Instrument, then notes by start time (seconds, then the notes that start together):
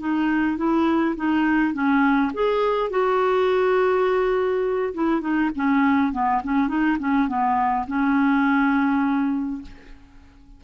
clarinet
0.00 D#4
0.57 E4
1.16 D#4
1.74 C#4
2.34 G#4
2.90 F#4
4.94 E4
5.21 D#4
5.56 C#4
6.13 B3
6.44 C#4
6.68 D#4
6.99 C#4
7.28 B3
7.87 C#4